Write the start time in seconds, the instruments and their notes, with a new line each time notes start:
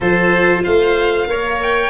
0.00 tuba F3, viola F4, oboe A4, violin C5
0.63 tuba A3, oboe C5, violin F5
1.26 tuba A#3, viola A#4, oboe C#5
1.62 violin G5